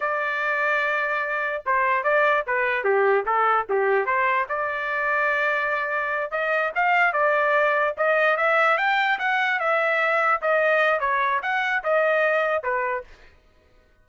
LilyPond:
\new Staff \with { instrumentName = "trumpet" } { \time 4/4 \tempo 4 = 147 d''1 | c''4 d''4 b'4 g'4 | a'4 g'4 c''4 d''4~ | d''2.~ d''8 dis''8~ |
dis''8 f''4 d''2 dis''8~ | dis''8 e''4 g''4 fis''4 e''8~ | e''4. dis''4. cis''4 | fis''4 dis''2 b'4 | }